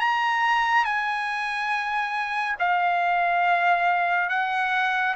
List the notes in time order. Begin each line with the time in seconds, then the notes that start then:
0.00 A#5
0.85 G#5
2.59 F5
4.30 F#5